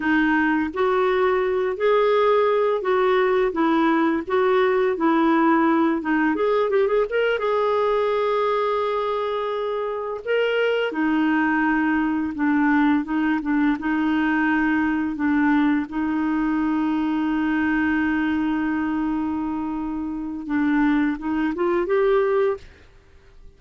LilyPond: \new Staff \with { instrumentName = "clarinet" } { \time 4/4 \tempo 4 = 85 dis'4 fis'4. gis'4. | fis'4 e'4 fis'4 e'4~ | e'8 dis'8 gis'8 g'16 gis'16 ais'8 gis'4.~ | gis'2~ gis'8 ais'4 dis'8~ |
dis'4. d'4 dis'8 d'8 dis'8~ | dis'4. d'4 dis'4.~ | dis'1~ | dis'4 d'4 dis'8 f'8 g'4 | }